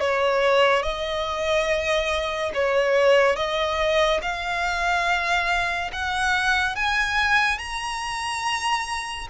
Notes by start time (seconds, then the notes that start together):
0.00 C#5
0.83 D#5
2.54 C#5
3.36 D#5
4.22 F5
5.92 F#5
6.76 G#5
7.58 A#5